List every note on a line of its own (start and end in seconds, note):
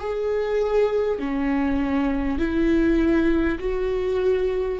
0.00 1.19 G#4
1.19 2.39 C#4
2.39 3.59 E4
3.59 4.79 F#4